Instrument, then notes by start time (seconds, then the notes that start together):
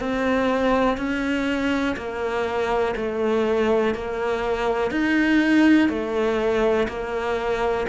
cello
0.00 C4
0.97 C#4
1.97 A#3
2.96 A3
3.95 A#3
4.91 D#4
5.89 A3
6.89 A#3